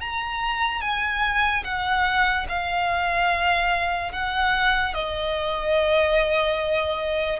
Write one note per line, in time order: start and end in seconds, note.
0.00 0.81 A#5
0.81 1.63 G#5
1.64 2.46 F#5
2.48 4.11 F5
4.11 4.94 F#5
4.94 7.40 D#5